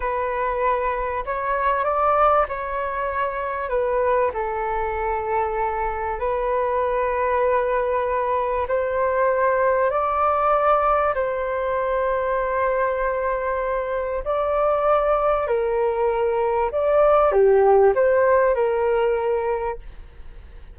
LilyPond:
\new Staff \with { instrumentName = "flute" } { \time 4/4 \tempo 4 = 97 b'2 cis''4 d''4 | cis''2 b'4 a'4~ | a'2 b'2~ | b'2 c''2 |
d''2 c''2~ | c''2. d''4~ | d''4 ais'2 d''4 | g'4 c''4 ais'2 | }